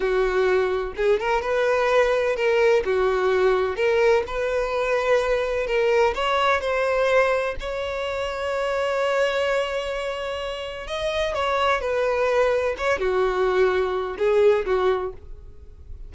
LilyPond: \new Staff \with { instrumentName = "violin" } { \time 4/4 \tempo 4 = 127 fis'2 gis'8 ais'8 b'4~ | b'4 ais'4 fis'2 | ais'4 b'2. | ais'4 cis''4 c''2 |
cis''1~ | cis''2. dis''4 | cis''4 b'2 cis''8 fis'8~ | fis'2 gis'4 fis'4 | }